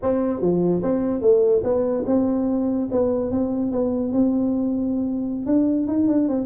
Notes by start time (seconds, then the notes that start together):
0.02 C4
0.41 F3
0.82 C4
1.21 A3
1.63 B3
2.06 C4
2.91 B3
3.31 C4
3.71 B3
4.12 C4
5.46 D4
5.87 D#4
6.07 D4
6.28 C4